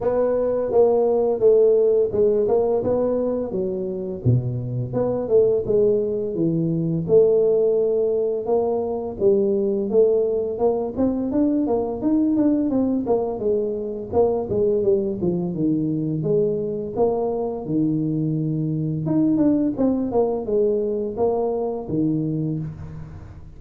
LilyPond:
\new Staff \with { instrumentName = "tuba" } { \time 4/4 \tempo 4 = 85 b4 ais4 a4 gis8 ais8 | b4 fis4 b,4 b8 a8 | gis4 e4 a2 | ais4 g4 a4 ais8 c'8 |
d'8 ais8 dis'8 d'8 c'8 ais8 gis4 | ais8 gis8 g8 f8 dis4 gis4 | ais4 dis2 dis'8 d'8 | c'8 ais8 gis4 ais4 dis4 | }